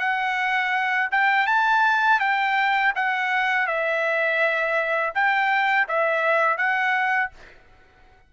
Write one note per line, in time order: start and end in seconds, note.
0.00 1.10 F#5
1.12 1.47 G5
1.47 2.21 A5
2.21 2.94 G5
2.96 3.68 F#5
3.68 5.14 E5
5.15 5.88 G5
5.89 6.58 E5
6.58 7.31 F#5